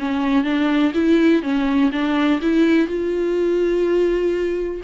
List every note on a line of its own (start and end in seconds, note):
0.00 0.44 C#4
0.44 0.93 D4
0.95 1.43 E4
1.43 1.91 C#4
1.92 2.41 D4
2.42 2.88 E4
2.88 4.82 F4